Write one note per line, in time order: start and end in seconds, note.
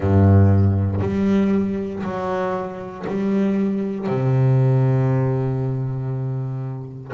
0.00 1.00 G2
1.00 2.02 G3
2.03 3.05 F#3
3.07 4.06 G3
4.06 7.11 C3